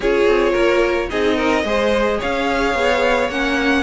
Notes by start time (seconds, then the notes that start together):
0.00 C#4 F4 G#4 C#5
0.26 C4
0.52 A#3 A#4
1.09 C4 D#4 G#4 D#5
1.36 A#4
1.64 G#3 G#4 C5
2.19 C#4 C#5 F5
2.74 B3
3.28 A#3 C#4 F#5